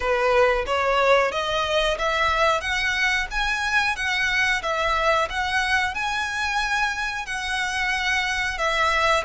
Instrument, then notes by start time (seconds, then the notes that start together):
violin
0.00 B4
0.66 C#5
1.31 D#5
1.98 E5
2.60 F#5
3.30 G#5
3.96 F#5
4.62 E5
5.29 F#5
5.94 G#5
7.26 F#5
8.57 E5